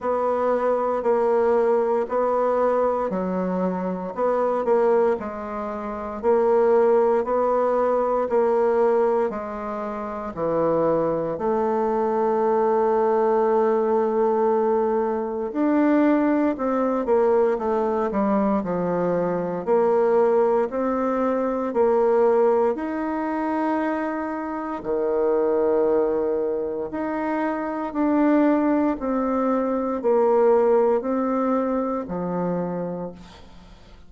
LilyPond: \new Staff \with { instrumentName = "bassoon" } { \time 4/4 \tempo 4 = 58 b4 ais4 b4 fis4 | b8 ais8 gis4 ais4 b4 | ais4 gis4 e4 a4~ | a2. d'4 |
c'8 ais8 a8 g8 f4 ais4 | c'4 ais4 dis'2 | dis2 dis'4 d'4 | c'4 ais4 c'4 f4 | }